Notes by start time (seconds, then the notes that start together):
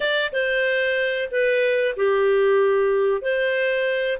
0.00 D5
0.32 C5
1.31 B4
1.96 G4
3.21 C5